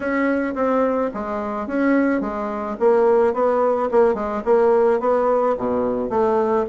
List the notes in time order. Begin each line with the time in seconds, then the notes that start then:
0.00 C#4
0.54 C4
1.14 G#3
1.67 C#4
2.20 G#3
2.79 A#3
3.33 B3
3.91 A#3
4.14 G#3
4.44 A#3
4.99 B3
5.57 B2
6.09 A3